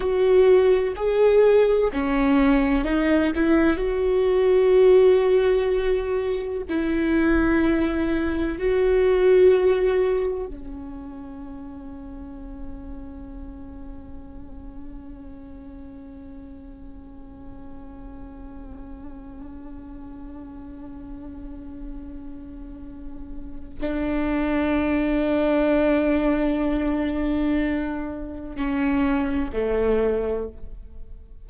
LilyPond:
\new Staff \with { instrumentName = "viola" } { \time 4/4 \tempo 4 = 63 fis'4 gis'4 cis'4 dis'8 e'8 | fis'2. e'4~ | e'4 fis'2 cis'4~ | cis'1~ |
cis'1~ | cis'1~ | cis'4 d'2.~ | d'2 cis'4 a4 | }